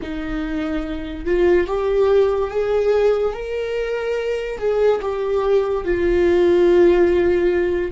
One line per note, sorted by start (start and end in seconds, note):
0.01 1.25 D#4
1.25 1.67 F4
1.67 2.50 G4
2.50 3.33 G#4
3.33 4.58 A#4
4.58 5.00 G#4
5.02 5.84 G4
5.84 7.91 F4